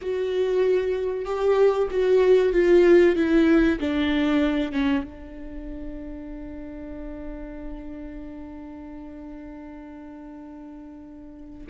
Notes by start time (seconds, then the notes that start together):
0.01 F#4
1.25 G4
1.91 F#4
2.52 F4
3.16 E4
3.80 D4
4.72 C#4
5.04 D4